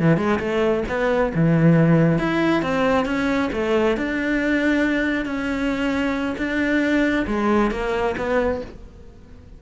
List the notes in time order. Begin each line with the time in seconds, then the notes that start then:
0.00 E3
0.17 G#3
0.40 A3
0.89 B3
1.35 E3
2.19 E4
2.63 C4
3.06 C#4
3.53 A3
3.97 D4
5.26 C#4
6.38 D4
7.27 G#3
7.71 A#3
8.18 B3